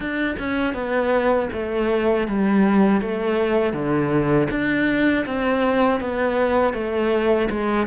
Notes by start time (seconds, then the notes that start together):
0.00 D4
0.39 C#4
0.74 B3
1.52 A3
2.27 G3
3.01 A3
3.73 D3
4.50 D4
5.26 C4
6.00 B3
6.73 A3
7.50 G#3